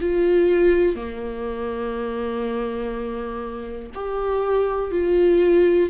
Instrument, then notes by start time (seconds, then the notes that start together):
viola
0.00 F4
0.95 A#3
3.94 G4
4.91 F4